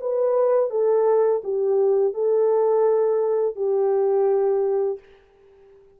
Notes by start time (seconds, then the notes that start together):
0.00 B4
0.70 A4
1.44 G4
2.14 A4
3.56 G4